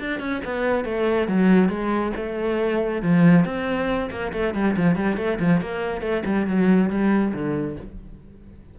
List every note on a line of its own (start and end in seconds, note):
0.00 0.20 D4
0.20 0.42 C#4
0.45 0.85 B3
0.85 1.28 A3
1.28 1.69 F#3
1.69 2.12 G#3
2.16 3.02 A3
3.02 3.45 F3
3.45 4.10 C4
4.11 4.32 A#3
4.33 4.54 A3
4.54 4.76 G3
4.77 4.96 F3
4.96 5.17 G3
5.17 5.39 A3
5.40 5.61 F3
5.61 6.01 A#3
6.01 6.23 A3
6.26 6.47 G3
6.47 6.90 F#3
6.90 7.33 G3
7.33 7.77 D3